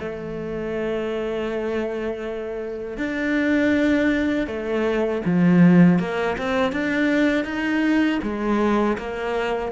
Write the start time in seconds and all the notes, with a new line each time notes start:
0.00 A3
2.98 D4
4.47 A3
5.26 F3
5.99 A#3
6.38 C4
6.72 D4
7.45 D#4
8.23 G#3
8.98 A#3